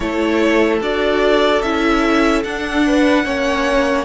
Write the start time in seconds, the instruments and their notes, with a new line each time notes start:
0.00 cello A3, viola E4, violin A4 C#5
0.80 cello D4, viola F#4, violin D5
1.61 cello C#4, viola E4, violin E5
2.43 viola D4, cello D4, violin F#5
2.86 violin B4
3.24 cello A#3, viola C#4, violin C#5